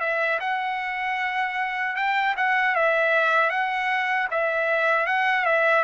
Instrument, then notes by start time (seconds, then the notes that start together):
trumpet
0.00 E5
0.40 F#5
1.96 G5
2.37 F#5
2.75 E5
3.50 F#5
4.30 E5
5.06 F#5
5.45 E5